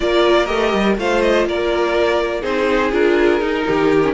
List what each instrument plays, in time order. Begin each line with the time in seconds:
0.00 cello A#3, viola F4, violin A#4 D5
0.46 cello A3, viola G4, violin D#5
0.73 cello G3
0.97 cello A3, viola F4, violin C5 F5
1.21 violin D#5
1.46 cello A#3, violin A#4 D5
2.40 cello C4, viola D#4, violin G#4 C5
2.92 cello D4, viola F4, violin A#4
3.40 cello D#4, viola D#4
3.66 cello D#3, violin G4
4.02 viola C#4